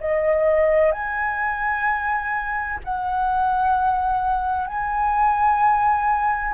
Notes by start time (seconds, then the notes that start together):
0.00 D#5
0.92 G#5
2.84 F#5
4.67 G#5